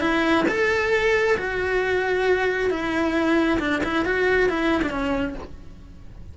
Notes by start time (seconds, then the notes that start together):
0.00 E4
0.48 A4
1.37 F#4
2.70 E4
3.59 D4
3.83 E4
4.05 F#4
4.49 E4
4.82 D4
4.90 C#4